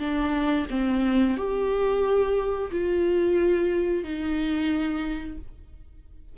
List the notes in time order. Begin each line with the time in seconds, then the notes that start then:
0.00 D4
0.71 C4
1.38 G4
2.72 F4
4.05 D#4